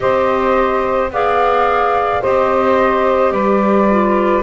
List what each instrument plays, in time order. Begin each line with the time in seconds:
0.00 double bass C4, clarinet G4, saxophone C5, flute D#5
1.10 double bass B3, clarinet G#4, saxophone D5, flute F5
2.21 double bass C4, clarinet G4, saxophone C5, flute D#5
3.31 double bass G3, saxophone B4, flute D5
3.90 clarinet F4